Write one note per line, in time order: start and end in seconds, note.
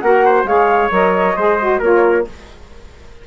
0.00 0.44 A#3
0.00 0.47 F#4
0.00 0.26 A#4
0.00 0.45 F#5
0.26 0.48 C5
0.44 0.89 G#3
0.44 0.91 G#4
0.44 1.37 C#5
0.44 0.91 F5
0.91 1.36 F#3
0.91 1.36 A#4
0.91 1.82 D#5
1.37 1.81 G#3
1.37 1.60 G#4
1.37 1.80 C5
1.60 1.82 F#4
1.80 2.26 A#3
1.80 2.27 F4
1.80 2.25 A#4
1.80 2.27 C#5